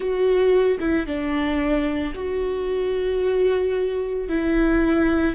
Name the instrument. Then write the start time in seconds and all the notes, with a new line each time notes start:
viola
0.00 F#4
0.79 E4
1.06 D4
2.14 F#4
4.29 E4